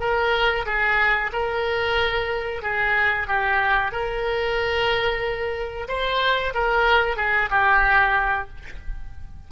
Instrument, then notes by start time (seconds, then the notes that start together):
oboe
0.00 A#4
0.66 G#4
1.32 A#4
2.62 G#4
3.27 G4
3.92 A#4
5.88 C5
6.54 A#4
7.17 G#4
7.50 G4